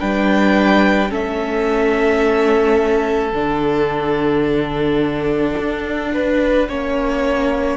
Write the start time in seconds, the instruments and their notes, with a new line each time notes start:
0.00 cello G3, viola D4, violin B4 G5
1.09 cello A3, viola C#4, violin A4 E5
3.32 cello D3, viola D4, violin F#5
5.58 cello D4
6.14 violin B4
6.69 cello A#3, viola C#4, violin C#5